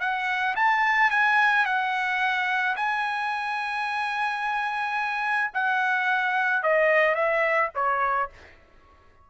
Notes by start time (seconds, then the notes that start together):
0.00 F#5
0.56 A5
1.10 G#5
1.65 F#5
2.76 G#5
5.54 F#5
6.63 D#5
7.15 E5
7.75 C#5